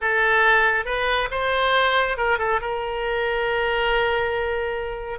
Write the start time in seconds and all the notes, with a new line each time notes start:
0.01 A4
0.85 B4
1.30 C5
2.17 A#4
2.38 A4
2.61 A#4